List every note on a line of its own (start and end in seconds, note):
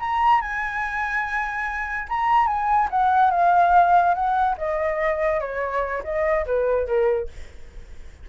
0.00 0.41 A#5
0.41 2.08 G#5
2.09 2.47 A#5
2.47 2.89 G#5
2.91 3.31 F#5
3.31 4.15 F5
4.15 4.56 F#5
4.58 5.41 D#5
5.41 6.03 C#5
6.04 6.46 D#5
6.46 6.87 B4
6.87 7.29 A#4